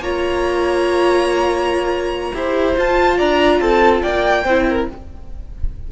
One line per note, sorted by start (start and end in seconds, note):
0.00 2.32 A#3
0.00 2.34 F4
0.00 2.34 C#5
0.00 2.78 A#5
2.34 2.76 E4
2.34 2.75 G4
2.34 3.18 C5
2.75 4.44 F4
2.75 3.20 F4
2.75 3.19 A5
3.18 3.60 D4
3.18 3.60 D5
3.18 3.61 A#5
3.60 4.03 C4
3.60 4.02 A4
3.60 4.02 A5
4.02 4.45 A#3
4.02 4.44 D5
4.02 4.87 G5
4.44 4.87 C4
4.44 4.92 E4
4.44 4.65 C5
4.70 4.91 A#4